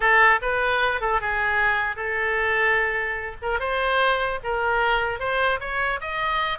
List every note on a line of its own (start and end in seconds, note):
0.00 0.40 A4
0.41 1.00 B4
1.00 1.20 A4
1.20 1.95 G#4
1.95 3.35 A4
3.42 3.59 A#4
3.59 4.39 C5
4.43 5.19 A#4
5.19 5.59 C5
5.60 6.00 C#5
6.01 6.58 D#5